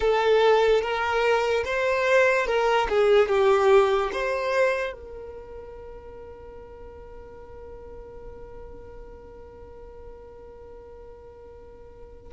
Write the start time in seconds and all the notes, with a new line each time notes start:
0.00 A4
0.81 A#4
1.64 C5
2.46 A#4
2.89 G#4
3.28 G4
4.12 C5
4.92 A#4